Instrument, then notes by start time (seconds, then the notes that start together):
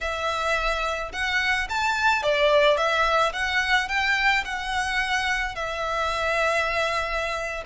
violin
0.01 E5
1.12 F#5
1.69 A5
2.22 D5
2.77 E5
3.32 F#5
3.88 G5
4.44 F#5
5.55 E5